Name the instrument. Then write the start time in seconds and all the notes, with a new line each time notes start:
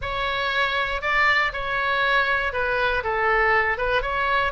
oboe
0.01 C#5
1.01 D5
1.52 C#5
2.52 B4
3.03 A4
3.77 B4
4.02 C#5